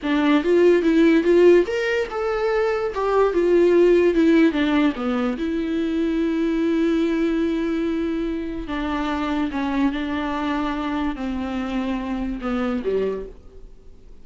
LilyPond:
\new Staff \with { instrumentName = "viola" } { \time 4/4 \tempo 4 = 145 d'4 f'4 e'4 f'4 | ais'4 a'2 g'4 | f'2 e'4 d'4 | b4 e'2.~ |
e'1~ | e'4 d'2 cis'4 | d'2. c'4~ | c'2 b4 g4 | }